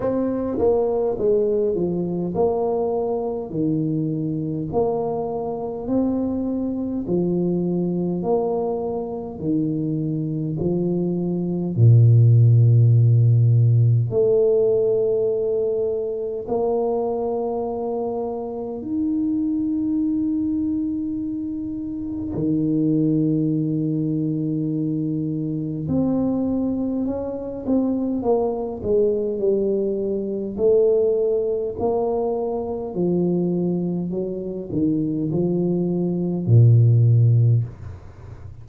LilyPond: \new Staff \with { instrumentName = "tuba" } { \time 4/4 \tempo 4 = 51 c'8 ais8 gis8 f8 ais4 dis4 | ais4 c'4 f4 ais4 | dis4 f4 ais,2 | a2 ais2 |
dis'2. dis4~ | dis2 c'4 cis'8 c'8 | ais8 gis8 g4 a4 ais4 | f4 fis8 dis8 f4 ais,4 | }